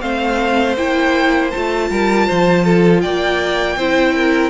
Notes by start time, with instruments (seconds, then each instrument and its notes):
0.00 cello A3, viola C4, violin C5 F5
0.77 cello A#3, viola E4, violin G5
1.51 cello A3, viola F4, violin A5
1.90 cello G3, violin A#4
2.27 cello F3, violin C5
2.64 violin A4
3.01 cello A#3, violin D5 G5
3.76 cello C4, viola E4, violin C5
4.15 violin A#4